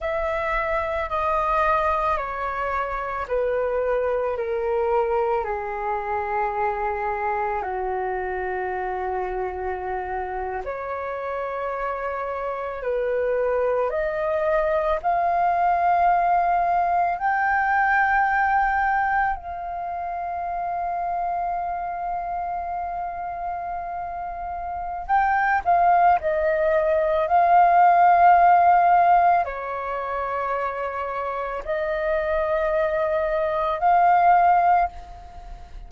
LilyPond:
\new Staff \with { instrumentName = "flute" } { \time 4/4 \tempo 4 = 55 e''4 dis''4 cis''4 b'4 | ais'4 gis'2 fis'4~ | fis'4.~ fis'16 cis''2 b'16~ | b'8. dis''4 f''2 g''16~ |
g''4.~ g''16 f''2~ f''16~ | f''2. g''8 f''8 | dis''4 f''2 cis''4~ | cis''4 dis''2 f''4 | }